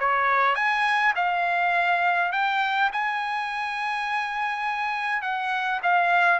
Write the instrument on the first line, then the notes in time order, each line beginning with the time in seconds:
trumpet
0.00 C#5
0.56 G#5
1.16 F5
2.33 G5
2.93 G#5
5.23 F#5
5.83 F5